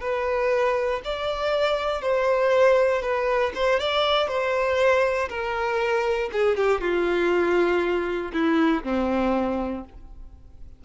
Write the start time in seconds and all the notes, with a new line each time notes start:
0.00 B4
1.04 D5
2.01 C5
3.01 B4
3.54 C5
3.79 D5
4.28 C5
5.29 A#4
6.32 G#4
6.56 G4
6.80 F4
8.32 E4
8.83 C4